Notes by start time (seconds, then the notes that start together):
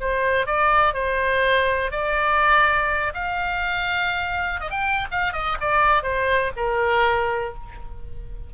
0.00 C5
0.46 D5
0.93 C5
1.91 D5
3.14 F5
4.60 D#5
4.70 G5
5.11 F5
5.32 D#5
5.60 D5
6.03 C5
6.56 A#4